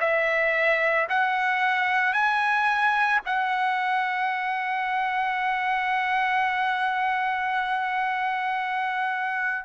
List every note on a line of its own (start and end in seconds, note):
0.00 1.07 E5
1.09 2.13 F#5
2.13 3.20 G#5
3.25 9.65 F#5